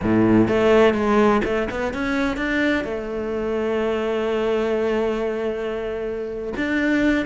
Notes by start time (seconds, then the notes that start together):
0.02 A2
0.48 A3
0.94 G#3
1.44 A3
1.70 B3
1.93 C#4
2.36 D4
2.84 A3
6.56 D4